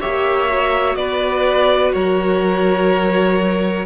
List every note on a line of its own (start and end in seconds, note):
0.00 0.96 A#3
0.00 0.48 G4
0.00 0.97 C#5
0.00 0.95 E5
0.48 3.86 F#4
0.95 1.92 B3
0.95 1.94 B4
0.95 1.92 D5
1.93 3.86 F#3
1.93 3.86 A#4
1.93 3.86 C#5